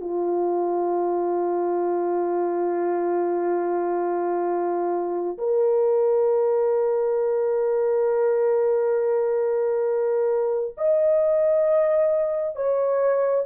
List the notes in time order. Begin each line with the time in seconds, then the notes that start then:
0.00 F4
5.37 A#4
10.77 D#5
12.55 C#5